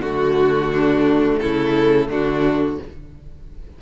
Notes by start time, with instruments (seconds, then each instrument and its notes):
0.00 cello D3, viola A3, violin F#4
0.72 violin D4
1.39 cello C#3, violin E4 A4
2.09 cello D3, violin D4 F#4